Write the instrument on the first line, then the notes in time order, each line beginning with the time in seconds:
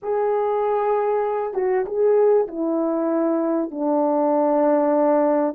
horn
0.02 G#4
1.54 F#4
1.85 G#4
2.47 E4
3.71 D4